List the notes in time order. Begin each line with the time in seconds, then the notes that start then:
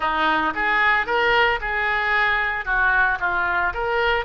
0.00 D#4
0.54 G#4
1.06 A#4
1.60 G#4
2.65 F#4
3.20 F4
3.73 A#4